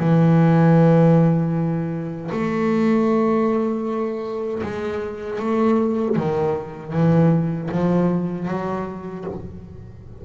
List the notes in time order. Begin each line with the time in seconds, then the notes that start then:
0.00 E3
2.32 A3
4.63 G#3
5.40 A3
6.16 D#3
6.93 E3
7.72 F3
8.48 F#3